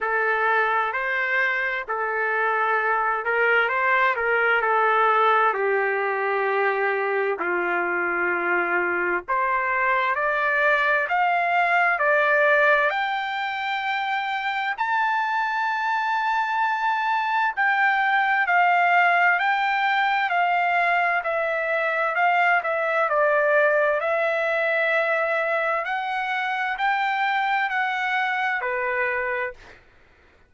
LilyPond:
\new Staff \with { instrumentName = "trumpet" } { \time 4/4 \tempo 4 = 65 a'4 c''4 a'4. ais'8 | c''8 ais'8 a'4 g'2 | f'2 c''4 d''4 | f''4 d''4 g''2 |
a''2. g''4 | f''4 g''4 f''4 e''4 | f''8 e''8 d''4 e''2 | fis''4 g''4 fis''4 b'4 | }